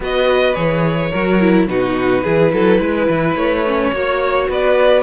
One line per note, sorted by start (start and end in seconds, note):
0.00 0.55 B3
0.00 0.54 F#4
0.00 1.10 B4
0.00 0.54 D#5
0.54 1.12 E3
0.54 1.10 G#4
0.54 1.66 C#5
1.10 1.67 F#3
1.10 1.40 F#4
1.10 1.66 A#4
1.40 1.68 E4
1.67 2.23 B2
1.67 2.24 D#4
1.67 2.23 F#4
1.67 3.36 B4
2.23 2.53 E3
2.23 3.66 E4
2.23 2.51 G#4
2.52 2.79 F#3
2.52 2.80 A4
2.79 3.07 G#3
2.79 3.92 B4
3.09 3.35 E3
3.35 3.91 A3
3.35 4.48 C#5
3.66 3.93 C#4
3.92 4.48 A#3
3.92 5.03 F#4
3.92 4.49 C#5
4.48 5.03 B3
4.48 5.03 B4
4.48 5.03 D5